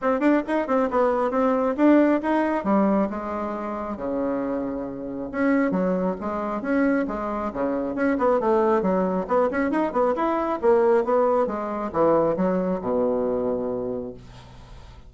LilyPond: \new Staff \with { instrumentName = "bassoon" } { \time 4/4 \tempo 4 = 136 c'8 d'8 dis'8 c'8 b4 c'4 | d'4 dis'4 g4 gis4~ | gis4 cis2. | cis'4 fis4 gis4 cis'4 |
gis4 cis4 cis'8 b8 a4 | fis4 b8 cis'8 dis'8 b8 e'4 | ais4 b4 gis4 e4 | fis4 b,2. | }